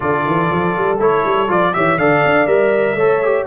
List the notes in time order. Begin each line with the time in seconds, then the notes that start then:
0.00 D3 F4 A4 D5
0.25 E3
0.51 F3
0.76 G3
0.99 A3 E4 C#5
1.24 G3
1.48 F3 F4 D5
1.73 E3 G4 C#5 E5
1.97 D3 A4 D5 F5
2.25 D4
2.46 G3 A#4 E5
2.95 A3 A4 C#5
3.23 G4